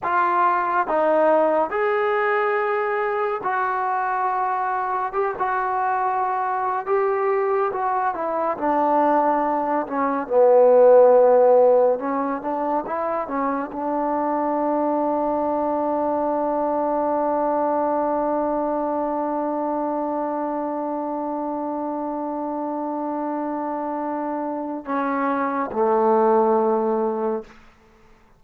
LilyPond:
\new Staff \with { instrumentName = "trombone" } { \time 4/4 \tempo 4 = 70 f'4 dis'4 gis'2 | fis'2 g'16 fis'4.~ fis'16 | g'4 fis'8 e'8 d'4. cis'8 | b2 cis'8 d'8 e'8 cis'8 |
d'1~ | d'1~ | d'1~ | d'4 cis'4 a2 | }